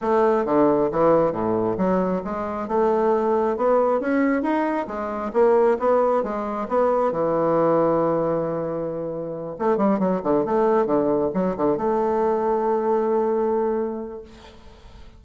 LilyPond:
\new Staff \with { instrumentName = "bassoon" } { \time 4/4 \tempo 4 = 135 a4 d4 e4 a,4 | fis4 gis4 a2 | b4 cis'4 dis'4 gis4 | ais4 b4 gis4 b4 |
e1~ | e4. a8 g8 fis8 d8 a8~ | a8 d4 fis8 d8 a4.~ | a1 | }